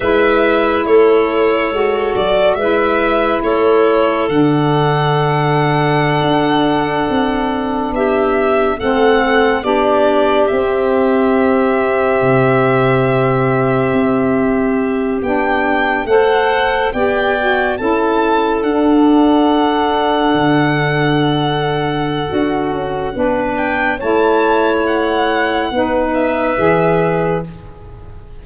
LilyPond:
<<
  \new Staff \with { instrumentName = "violin" } { \time 4/4 \tempo 4 = 70 e''4 cis''4. d''8 e''4 | cis''4 fis''2.~ | fis''4~ fis''16 e''4 fis''4 d''8.~ | d''16 e''2.~ e''8.~ |
e''4.~ e''16 g''4 fis''4 g''16~ | g''8. a''4 fis''2~ fis''16~ | fis''2.~ fis''8 g''8 | a''4 fis''4. e''4. | }
  \new Staff \with { instrumentName = "clarinet" } { \time 4/4 b'4 a'2 b'4 | a'1~ | a'4~ a'16 g'4 a'4 g'8.~ | g'1~ |
g'2~ g'8. c''4 d''16~ | d''8. a'2.~ a'16~ | a'2. b'4 | cis''2 b'2 | }
  \new Staff \with { instrumentName = "saxophone" } { \time 4/4 e'2 fis'4 e'4~ | e'4 d'2.~ | d'2~ d'16 c'4 d'8.~ | d'16 c'2.~ c'8.~ |
c'4.~ c'16 d'4 a'4 g'16~ | g'16 fis'8 e'4 d'2~ d'16~ | d'2 fis'4 d'4 | e'2 dis'4 gis'4 | }
  \new Staff \with { instrumentName = "tuba" } { \time 4/4 gis4 a4 gis8 fis8 gis4 | a4 d2~ d16 d'8.~ | d'16 c'4 b4 a4 b8.~ | b16 c'2 c4.~ c16~ |
c16 c'4. b4 a4 b16~ | b8. cis'4 d'2 d16~ | d2 d'8 cis'8 b4 | a2 b4 e4 | }
>>